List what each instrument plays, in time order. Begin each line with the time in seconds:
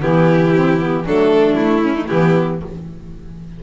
0.00 double bass E3, saxophone B3, violin E4 G4
0.54 saxophone C4
0.79 saxophone B3
1.04 double bass F#3, saxophone A3, violin D4 A4
1.54 double bass A3, violin E4
1.83 violin C#4
1.94 violin D#4
2.06 double bass E3, saxophone B3, violin E4 G4